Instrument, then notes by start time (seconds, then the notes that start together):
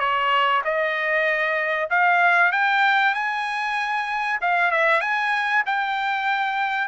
trumpet
0.00 C#5
0.65 D#5
1.90 F5
2.52 G5
3.15 G#5
4.41 F5
4.71 E5
5.01 G#5
5.66 G5